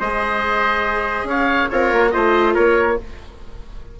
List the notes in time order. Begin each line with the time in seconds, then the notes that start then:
0.00 G#3 G#4 C5 D#5
1.24 C#4 C#5
1.31 F5
1.70 C4 F4 A#4 C#5
1.93 A#3
2.11 A3 F4 C5 D#5
2.55 A#3 A#4 C#5